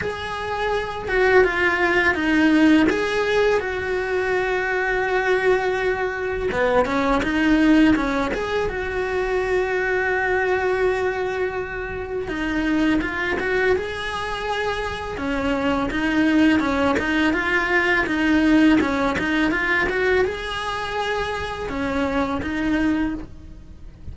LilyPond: \new Staff \with { instrumentName = "cello" } { \time 4/4 \tempo 4 = 83 gis'4. fis'8 f'4 dis'4 | gis'4 fis'2.~ | fis'4 b8 cis'8 dis'4 cis'8 gis'8 | fis'1~ |
fis'4 dis'4 f'8 fis'8 gis'4~ | gis'4 cis'4 dis'4 cis'8 dis'8 | f'4 dis'4 cis'8 dis'8 f'8 fis'8 | gis'2 cis'4 dis'4 | }